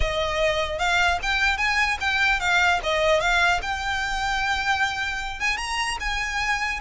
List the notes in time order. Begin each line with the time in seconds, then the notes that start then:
0.00 D#5
0.78 F5
1.22 G5
1.57 G#5
2.00 G5
2.40 F5
2.83 D#5
3.20 F5
3.62 G5
5.39 G#5
5.57 A#5
6.00 G#5